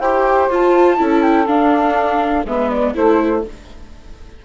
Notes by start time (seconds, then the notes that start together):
0.00 E4 G4 C5 G5
0.49 F4 A5
0.98 C#4 E4 A4
1.23 G5
1.47 D4 F5
2.45 G#3 B3 B4 E5
2.71 D5
2.93 A3 E4 A4 C5